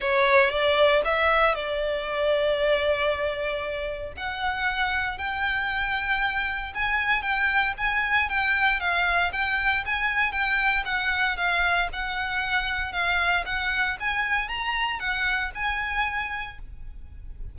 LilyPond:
\new Staff \with { instrumentName = "violin" } { \time 4/4 \tempo 4 = 116 cis''4 d''4 e''4 d''4~ | d''1 | fis''2 g''2~ | g''4 gis''4 g''4 gis''4 |
g''4 f''4 g''4 gis''4 | g''4 fis''4 f''4 fis''4~ | fis''4 f''4 fis''4 gis''4 | ais''4 fis''4 gis''2 | }